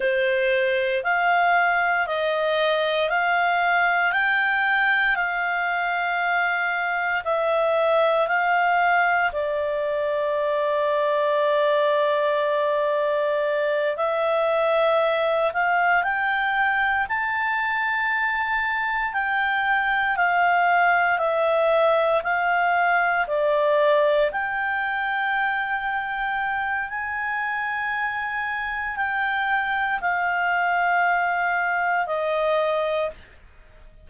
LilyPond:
\new Staff \with { instrumentName = "clarinet" } { \time 4/4 \tempo 4 = 58 c''4 f''4 dis''4 f''4 | g''4 f''2 e''4 | f''4 d''2.~ | d''4. e''4. f''8 g''8~ |
g''8 a''2 g''4 f''8~ | f''8 e''4 f''4 d''4 g''8~ | g''2 gis''2 | g''4 f''2 dis''4 | }